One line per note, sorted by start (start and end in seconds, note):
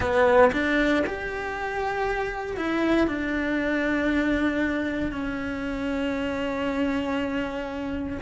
0.00 0.51 B3
0.52 1.03 D4
1.06 2.56 G4
2.56 3.07 E4
3.07 5.12 D4
5.12 8.19 C#4